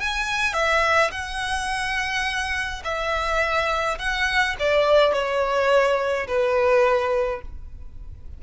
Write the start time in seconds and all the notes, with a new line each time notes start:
0.00 G#5
0.53 E5
1.11 F#5
2.84 E5
3.98 F#5
4.59 D5
5.13 C#5
6.27 B4